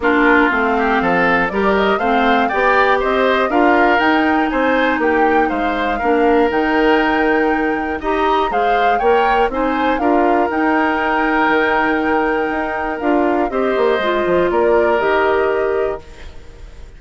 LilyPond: <<
  \new Staff \with { instrumentName = "flute" } { \time 4/4 \tempo 4 = 120 ais'4 f''2 d''8 dis''8 | f''4 g''4 dis''4 f''4 | g''4 gis''4 g''4 f''4~ | f''4 g''2. |
ais''4 f''4 g''4 gis''4 | f''4 g''2.~ | g''2 f''4 dis''4~ | dis''4 d''4 dis''2 | }
  \new Staff \with { instrumentName = "oboe" } { \time 4/4 f'4. g'8 a'4 ais'4 | c''4 d''4 c''4 ais'4~ | ais'4 c''4 g'4 c''4 | ais'1 |
dis''4 c''4 cis''4 c''4 | ais'1~ | ais'2. c''4~ | c''4 ais'2. | }
  \new Staff \with { instrumentName = "clarinet" } { \time 4/4 d'4 c'2 g'4 | c'4 g'2 f'4 | dis'1 | d'4 dis'2. |
g'4 gis'4 ais'4 dis'4 | f'4 dis'2.~ | dis'2 f'4 g'4 | f'2 g'2 | }
  \new Staff \with { instrumentName = "bassoon" } { \time 4/4 ais4 a4 f4 g4 | a4 b4 c'4 d'4 | dis'4 c'4 ais4 gis4 | ais4 dis2. |
dis'4 gis4 ais4 c'4 | d'4 dis'2 dis4~ | dis4 dis'4 d'4 c'8 ais8 | gis8 f8 ais4 dis2 | }
>>